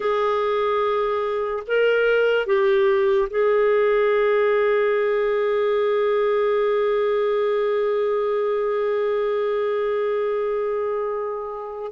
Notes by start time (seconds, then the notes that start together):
0.00 G#4
1.67 A#4
2.46 G4
3.30 G#4